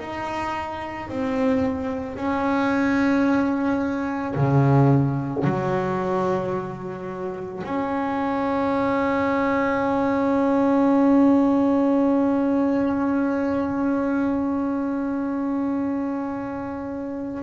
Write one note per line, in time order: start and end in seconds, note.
0.00 1.09 D#4
1.09 2.17 C4
2.17 4.35 C#4
4.36 5.45 C#3
5.45 7.63 F#3
7.64 17.43 C#4